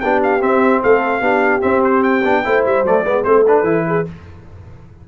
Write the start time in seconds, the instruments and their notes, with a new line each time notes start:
0.00 tuba B3, trombone D4, horn G4, trumpet G5
0.23 trumpet F5
0.40 trombone C4, tuba C4, trumpet E5
0.82 tuba A3, horn A4, trumpet F5
1.21 tuba B3, trombone D4, horn G4
1.61 trombone C4, tuba C4, trumpet E5
1.84 trumpet C5
2.03 trumpet G5
2.24 tuba B3, trombone D4
2.44 tuba A3, trombone E4, horn C5
2.65 tuba G3, trumpet E5
2.83 tuba F#3, trombone A3, trumpet D5
3.04 tuba G#3, trombone B3, horn B4
3.24 tuba A3, trombone C4, horn A4, trumpet C5
3.48 trombone D4, trumpet B4
3.63 tuba E3, trombone E4
3.87 horn G#4